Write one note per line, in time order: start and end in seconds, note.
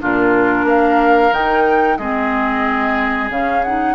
0.00 0.64 A#2
0.00 1.32 D4
0.00 0.66 F4
0.00 0.68 A#4
0.64 1.30 A#3
0.64 1.98 A#4
0.64 1.33 F5
1.31 1.97 D#3
1.31 1.99 D#4
1.31 1.97 G5
1.97 3.30 G#3
1.97 3.31 C4
1.97 3.95 G#4
1.97 3.29 D#5
3.30 3.95 C#3
3.30 3.64 C#4
3.30 3.63 F5
3.63 3.95 D#4
3.63 3.95 F#5